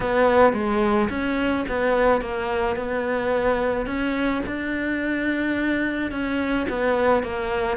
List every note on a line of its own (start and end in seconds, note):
0.00 0.53 B3
0.53 1.08 G#3
1.09 1.65 C#4
1.68 2.21 B3
2.21 2.76 A#3
2.76 3.86 B3
3.86 4.42 C#4
4.46 6.11 D4
6.11 6.66 C#4
6.69 7.23 B3
7.23 7.77 A#3